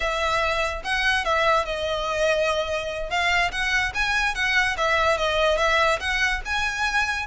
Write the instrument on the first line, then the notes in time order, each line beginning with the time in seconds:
violin
0.00 E5
0.84 F#5
1.25 E5
1.65 D#5
3.10 F5
3.51 F#5
3.94 G#5
4.34 F#5
4.77 E5
5.17 D#5
5.57 E5
6.00 F#5
6.45 G#5